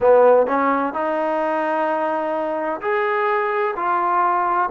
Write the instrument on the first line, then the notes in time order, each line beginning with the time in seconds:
trombone
0.00 B3
0.46 C#4
0.93 D#4
2.81 G#4
3.75 F4